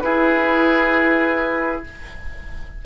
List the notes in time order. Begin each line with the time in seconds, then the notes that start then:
0.00 E4 G#4 B4